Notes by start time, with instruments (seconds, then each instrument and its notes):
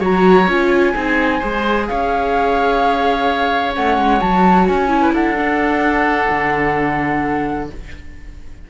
0.00 cello F#3, viola F#4, oboe C#5, flute A#5
0.47 cello C#4, viola F4, flute G#5
0.94 cello C4, viola D#4, oboe G#4
1.39 cello G#3, viola G#4, oboe C5
1.87 cello C#4, oboe C#5, flute F5
3.73 cello A3, viola C#4, flute F#5
3.98 cello G#3
4.20 cello F#3, viola F#4, flute A5
4.67 cello C#4, flute G#5
4.88 viola E4
5.02 oboe B4
5.12 cello D4, oboe A4, flute F#5
5.37 viola D4
6.31 cello D3